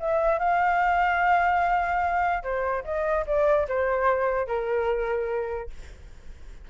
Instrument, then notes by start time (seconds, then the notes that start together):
flute
0.00 E5
0.39 F5
2.43 C5
2.85 D#5
3.27 D5
3.69 C5
4.47 A#4